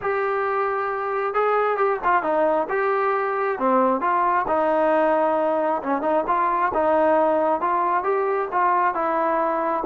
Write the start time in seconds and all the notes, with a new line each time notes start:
0.01 G4
1.34 G#4
1.77 G4
2.04 F4
2.22 D#4
2.69 G4
3.59 C4
4.00 F4
4.47 D#4
5.82 C#4
6.01 D#4
6.27 F4
6.73 D#4
7.60 F4
8.03 G4
8.52 F4
8.94 E4